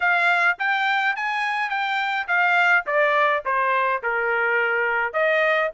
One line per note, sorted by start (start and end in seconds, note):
0.00 0.57 F5
0.58 1.16 G5
1.16 1.69 G#5
1.69 2.26 G5
2.27 2.84 F5
2.86 3.43 D5
3.45 4.02 C5
4.02 5.13 A#4
5.13 5.70 D#5